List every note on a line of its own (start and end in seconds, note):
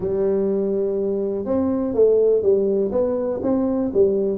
0.00 1.45 G3
1.45 1.94 C4
1.94 2.42 A3
2.42 2.91 G3
2.91 3.40 B3
3.43 3.91 C4
3.93 4.37 G3